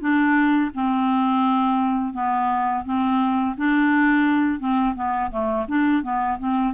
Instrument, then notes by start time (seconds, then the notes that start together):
clarinet
0.00 D4
0.74 C4
2.13 B3
2.85 C4
3.57 D4
4.59 C4
4.95 B3
5.31 A3
5.68 D4
6.03 B3
6.39 C4